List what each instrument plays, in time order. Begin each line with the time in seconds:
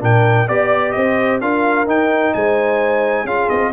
0.00 tuba A#2, trombone D4, horn A#4, trumpet G5
0.47 tuba B3, trombone G4, horn D5, trumpet D5
0.91 tuba C4, horn C5, trumpet D#5
1.41 tuba D4, trombone F4, horn A#4, trumpet F5
1.86 tuba D#4, trombone D#4, trumpet G5
2.33 tuba G#3, horn C5, trumpet G#5
3.24 tuba C#4, trombone F4, horn G#4, trumpet F5
3.49 tuba C4, trumpet D#5